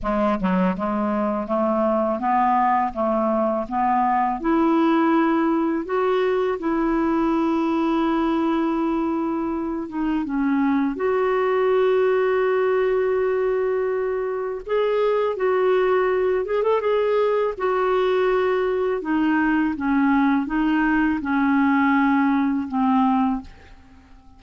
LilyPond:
\new Staff \with { instrumentName = "clarinet" } { \time 4/4 \tempo 4 = 82 gis8 fis8 gis4 a4 b4 | a4 b4 e'2 | fis'4 e'2.~ | e'4. dis'8 cis'4 fis'4~ |
fis'1 | gis'4 fis'4. gis'16 a'16 gis'4 | fis'2 dis'4 cis'4 | dis'4 cis'2 c'4 | }